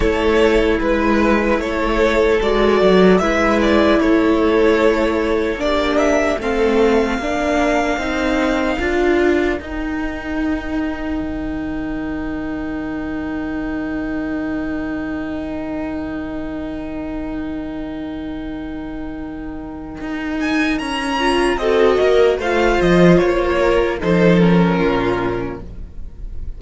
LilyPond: <<
  \new Staff \with { instrumentName = "violin" } { \time 4/4 \tempo 4 = 75 cis''4 b'4 cis''4 d''4 | e''8 d''8 cis''2 d''8 e''8 | f''1 | g''1~ |
g''1~ | g''1~ | g''4. gis''8 ais''4 dis''4 | f''8 dis''8 cis''4 c''8 ais'4. | }
  \new Staff \with { instrumentName = "violin" } { \time 4/4 a'4 b'4 a'2 | b'4 a'2 g'4 | a'4 ais'2.~ | ais'1~ |
ais'1~ | ais'1~ | ais'2. a'8 ais'8 | c''4. ais'8 a'4 f'4 | }
  \new Staff \with { instrumentName = "viola" } { \time 4/4 e'2. fis'4 | e'2. d'4 | c'4 d'4 dis'4 f'4 | dis'1~ |
dis'1~ | dis'1~ | dis'2~ dis'8 f'8 fis'4 | f'2 dis'8 cis'4. | }
  \new Staff \with { instrumentName = "cello" } { \time 4/4 a4 gis4 a4 gis8 fis8 | gis4 a2 ais4 | a4 ais4 c'4 d'4 | dis'2 dis2~ |
dis1~ | dis1~ | dis4 dis'4 cis'4 c'8 ais8 | a8 f8 ais4 f4 ais,4 | }
>>